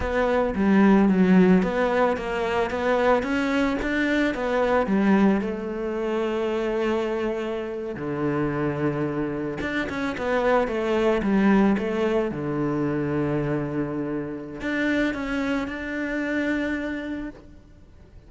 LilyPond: \new Staff \with { instrumentName = "cello" } { \time 4/4 \tempo 4 = 111 b4 g4 fis4 b4 | ais4 b4 cis'4 d'4 | b4 g4 a2~ | a2~ a8. d4~ d16~ |
d4.~ d16 d'8 cis'8 b4 a16~ | a8. g4 a4 d4~ d16~ | d2. d'4 | cis'4 d'2. | }